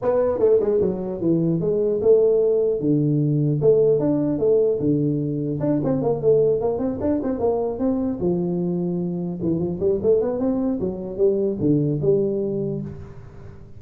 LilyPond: \new Staff \with { instrumentName = "tuba" } { \time 4/4 \tempo 4 = 150 b4 a8 gis8 fis4 e4 | gis4 a2 d4~ | d4 a4 d'4 a4 | d2 d'8 c'8 ais8 a8~ |
a8 ais8 c'8 d'8 c'8 ais4 c'8~ | c'8 f2. e8 | f8 g8 a8 b8 c'4 fis4 | g4 d4 g2 | }